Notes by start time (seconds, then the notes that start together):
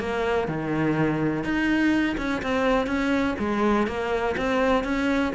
0.00 A#3
0.48 D#3
1.44 D#4
2.18 C#4
2.42 C4
2.87 C#4
3.39 G#3
3.88 A#3
4.37 C4
4.84 C#4